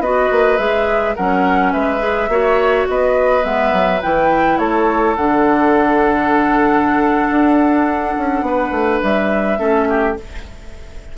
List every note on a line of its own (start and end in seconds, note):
0.00 0.29 B3
0.00 0.58 F#4
0.00 1.16 B4
0.00 0.58 D#5
0.31 0.59 A#3
0.58 1.16 G#3
0.58 1.15 G#4
0.58 1.15 E5
1.16 1.75 F#3
1.16 1.99 C#4
1.16 1.73 A#4
1.16 1.72 F#5
1.72 2.28 G#3
1.72 2.30 B4
1.72 2.87 E5
1.99 2.28 G#4
2.28 2.86 A#3
2.28 3.42 F#4
2.28 2.88 C#5
2.89 3.44 B3
2.89 4.60 B4
2.89 3.45 D#5
3.42 3.73 G#3
3.42 3.99 B3
3.42 4.02 E5
3.73 4.02 F#3
4.02 4.59 E3
4.02 5.17 E4
4.02 4.59 G5
4.59 5.16 A3
4.59 8.45 A4
4.59 5.16 C#5
5.16 7.30 D3
5.16 9.58 D4
5.16 9.02 F#5
7.30 8.16 D4
8.18 8.42 C#4
8.42 8.70 B3
8.42 9.59 B4
8.72 9.00 A3
9.03 9.59 G3
9.03 10.17 E5
9.58 10.16 A3
9.58 10.15 C#4
9.58 9.88 A4
9.89 10.18 G4